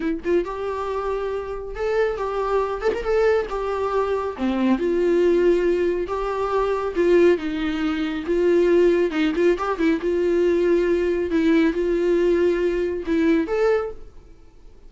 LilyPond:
\new Staff \with { instrumentName = "viola" } { \time 4/4 \tempo 4 = 138 e'8 f'8 g'2. | a'4 g'4. a'16 ais'16 a'4 | g'2 c'4 f'4~ | f'2 g'2 |
f'4 dis'2 f'4~ | f'4 dis'8 f'8 g'8 e'8 f'4~ | f'2 e'4 f'4~ | f'2 e'4 a'4 | }